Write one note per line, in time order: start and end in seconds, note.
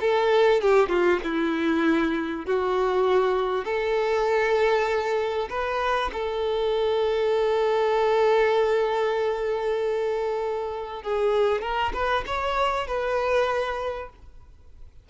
0.00 0.61 A4
0.61 0.88 G4
0.88 1.19 F4
1.23 2.46 E4
2.46 3.65 F#4
3.65 5.48 A4
5.49 6.11 B4
6.13 11.02 A4
11.03 11.61 G#4
11.61 11.92 A#4
11.93 12.24 B4
12.26 12.87 C#5
12.87 14.10 B4